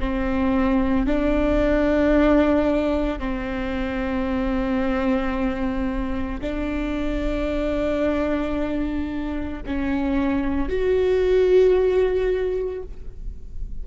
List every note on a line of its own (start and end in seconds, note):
0.00 1.07 C4
1.07 3.19 D4
3.19 6.41 C4
6.41 9.62 D4
9.66 10.69 C#4
10.69 12.83 F#4